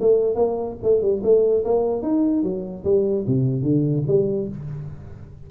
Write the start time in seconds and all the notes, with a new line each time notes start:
0.00 A3
0.35 A#3
0.83 A3
1.02 G3
1.23 A3
1.64 A#3
2.02 D#4
2.43 F#3
2.84 G3
3.27 C3
3.63 D3
4.07 G3